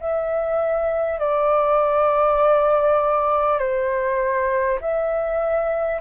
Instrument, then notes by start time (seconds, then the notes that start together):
flute
0.00 E5
1.19 D5
3.59 C5
4.81 E5